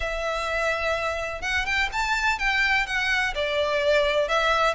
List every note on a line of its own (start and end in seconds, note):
0.00 1.41 E5
1.41 1.65 F#5
1.65 1.89 G5
1.92 2.38 A5
2.38 2.86 G5
2.86 3.34 F#5
3.35 4.28 D5
4.28 4.74 E5